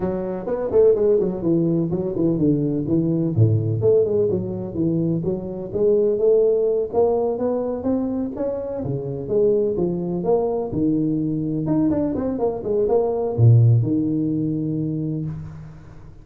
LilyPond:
\new Staff \with { instrumentName = "tuba" } { \time 4/4 \tempo 4 = 126 fis4 b8 a8 gis8 fis8 e4 | fis8 e8 d4 e4 a,4 | a8 gis8 fis4 e4 fis4 | gis4 a4. ais4 b8~ |
b8 c'4 cis'4 cis4 gis8~ | gis8 f4 ais4 dis4.~ | dis8 dis'8 d'8 c'8 ais8 gis8 ais4 | ais,4 dis2. | }